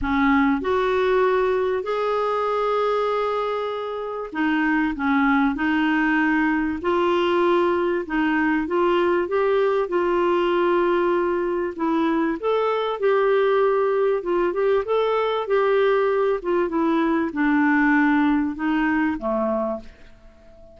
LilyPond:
\new Staff \with { instrumentName = "clarinet" } { \time 4/4 \tempo 4 = 97 cis'4 fis'2 gis'4~ | gis'2. dis'4 | cis'4 dis'2 f'4~ | f'4 dis'4 f'4 g'4 |
f'2. e'4 | a'4 g'2 f'8 g'8 | a'4 g'4. f'8 e'4 | d'2 dis'4 a4 | }